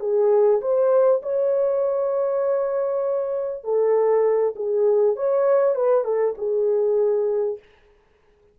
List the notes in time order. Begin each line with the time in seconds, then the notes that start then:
0.00 G#4
0.61 C5
1.22 C#5
3.64 A4
4.55 G#4
5.16 C#5
5.75 B4
6.04 A4
6.37 G#4